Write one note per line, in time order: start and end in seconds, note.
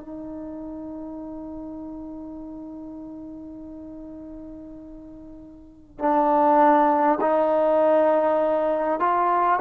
0.00 5.99 D#4
5.99 7.19 D4
7.21 8.99 D#4
8.99 9.59 F4